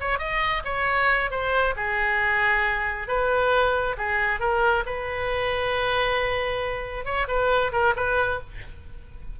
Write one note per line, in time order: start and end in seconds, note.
0.00 0.18 C#5
0.18 0.62 D#5
0.64 1.30 C#5
1.30 1.74 C5
1.76 3.08 G#4
3.08 3.96 B4
3.97 4.40 G#4
4.40 4.84 A#4
4.85 7.05 B4
7.05 7.27 C#5
7.28 7.72 B4
7.72 7.94 A#4
7.96 8.40 B4